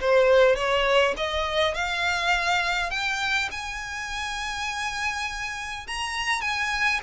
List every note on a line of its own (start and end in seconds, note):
0.00 0.55 C5
0.55 1.14 C#5
1.17 1.74 D#5
1.74 2.90 F5
2.90 3.49 G5
3.51 5.86 G#5
5.87 6.41 A#5
6.41 7.00 G#5